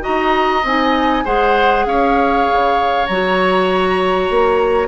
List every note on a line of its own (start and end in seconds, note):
0.00 0.61 F#4
0.00 1.24 D#5
0.00 0.64 A#5
0.07 0.64 D#4
0.64 1.24 C4
0.64 1.25 D#4
0.64 1.26 G#5
1.24 1.86 G#3
1.24 3.07 G#4
1.24 1.85 C5
1.24 1.86 F#5
1.86 2.46 C#4
1.86 4.88 C#5
1.86 3.06 F5
2.51 3.08 C#3
3.06 4.30 F#3
3.06 4.88 F#4
3.06 4.88 A#5
4.30 4.88 A#3